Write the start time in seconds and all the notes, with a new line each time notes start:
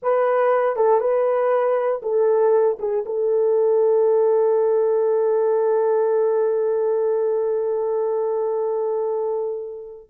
0.02 B4
0.75 A4
1.00 B4
2.02 A4
2.79 G#4
3.05 A4